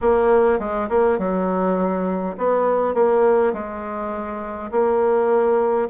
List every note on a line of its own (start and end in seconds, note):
0.01 0.59 A#3
0.59 0.88 G#3
0.89 1.18 A#3
1.18 2.36 F#3
2.37 2.94 B3
2.94 3.53 A#3
3.53 4.71 G#3
4.71 5.88 A#3